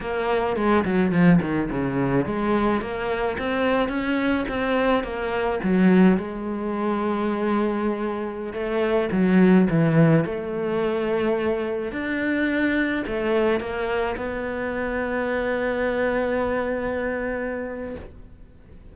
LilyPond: \new Staff \with { instrumentName = "cello" } { \time 4/4 \tempo 4 = 107 ais4 gis8 fis8 f8 dis8 cis4 | gis4 ais4 c'4 cis'4 | c'4 ais4 fis4 gis4~ | gis2.~ gis16 a8.~ |
a16 fis4 e4 a4.~ a16~ | a4~ a16 d'2 a8.~ | a16 ais4 b2~ b8.~ | b1 | }